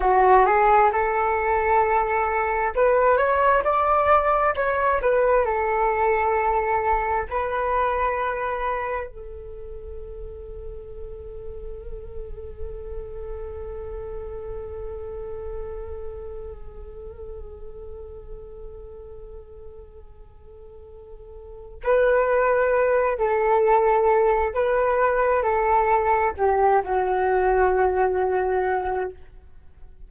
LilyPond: \new Staff \with { instrumentName = "flute" } { \time 4/4 \tempo 4 = 66 fis'8 gis'8 a'2 b'8 cis''8 | d''4 cis''8 b'8 a'2 | b'2 a'2~ | a'1~ |
a'1~ | a'1 | b'4. a'4. b'4 | a'4 g'8 fis'2~ fis'8 | }